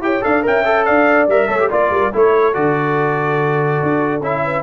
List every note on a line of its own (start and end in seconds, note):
0.00 0.21 E4
0.00 0.22 G4
0.00 0.25 C#5
0.00 0.24 G5
0.22 0.46 D4
0.22 0.43 A4
0.22 0.46 D5
0.22 0.45 F5
0.43 0.89 C#4
0.43 0.64 A#4
0.43 0.86 E5
0.43 0.85 G5
0.65 1.28 A4
0.85 1.28 D4
0.85 1.48 D5
0.85 1.27 F5
1.28 1.49 G3
1.28 1.49 A#4
1.28 1.71 E5
1.48 1.70 A3
1.48 1.59 A4
1.48 1.69 C#5
1.60 1.70 G4
1.69 1.90 A#3
1.69 2.12 F4
1.69 1.90 D5
1.69 2.15 D5
1.90 2.11 G3
1.90 2.12 A#4
2.13 2.56 A3
2.13 2.53 E4
2.13 4.44 A4
2.13 2.54 C#5
2.53 3.81 D3
2.53 4.21 F#4
2.53 4.22 D5
3.83 4.21 D4
4.21 4.63 C#4
4.21 4.63 E4
4.21 4.63 E5
4.44 4.63 B4